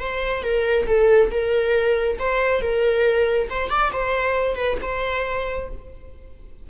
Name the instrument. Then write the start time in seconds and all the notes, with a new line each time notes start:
viola
0.00 C5
0.43 A#4
0.87 A4
1.31 A#4
2.19 C5
2.61 A#4
3.50 C5
3.70 D5
3.93 C5
4.55 B4
4.82 C5